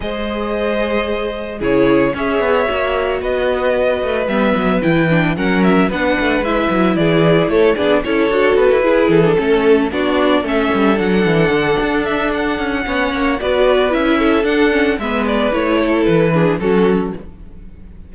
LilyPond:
<<
  \new Staff \with { instrumentName = "violin" } { \time 4/4 \tempo 4 = 112 dis''2. cis''4 | e''2 dis''2 | e''4 g''4 fis''8 e''8 fis''4 | e''4 d''4 cis''8 d''8 cis''4 |
b'4 a'4. d''4 e''8~ | e''8 fis''2 e''8 fis''4~ | fis''4 d''4 e''4 fis''4 | e''8 d''8 cis''4 b'4 a'4 | }
  \new Staff \with { instrumentName = "violin" } { \time 4/4 c''2. gis'4 | cis''2 b'2~ | b'2 ais'4 b'4~ | b'4 gis'4 a'8 gis'8 a'4~ |
a'8 gis'4 a'4 fis'4 a'8~ | a'1 | cis''4 b'4. a'4. | b'4. a'4 gis'8 fis'4 | }
  \new Staff \with { instrumentName = "viola" } { \time 4/4 gis'2. e'4 | gis'4 fis'2. | b4 e'8 d'8 cis'4 d'4 | e'2~ e'8 d'8 e'8 fis'8~ |
fis'8 e'8. d'16 cis'4 d'4 cis'8~ | cis'8 d'2.~ d'8 | cis'4 fis'4 e'4 d'8 cis'8 | b4 e'4. d'8 cis'4 | }
  \new Staff \with { instrumentName = "cello" } { \time 4/4 gis2. cis4 | cis'8 b8 ais4 b4. a8 | g8 fis8 e4 fis4 b8 a8 | gis8 fis8 e4 a8 b8 cis'8 d'8 |
b16 e'8. e8 a4 b4 a8 | g8 fis8 e8 d8 d'4. cis'8 | b8 ais8 b4 cis'4 d'4 | gis4 a4 e4 fis4 | }
>>